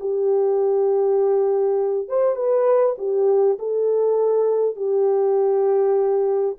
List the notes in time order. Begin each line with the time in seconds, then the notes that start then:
0.00 G4
2.08 C5
2.36 B4
2.98 G4
3.59 A4
4.76 G4